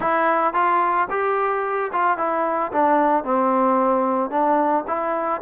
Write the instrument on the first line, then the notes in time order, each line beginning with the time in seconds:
trombone
0.00 E4
0.53 F4
1.10 G4
1.92 F4
2.17 E4
2.72 D4
3.24 C4
4.30 D4
4.87 E4